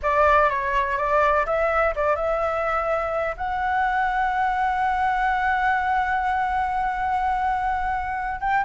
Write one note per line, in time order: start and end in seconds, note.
0.02 0.49 D5
0.49 0.97 C#5
0.97 1.45 D5
1.46 1.94 E5
1.95 2.15 D5
2.15 3.35 E5
3.37 8.40 F#5
8.40 8.64 G5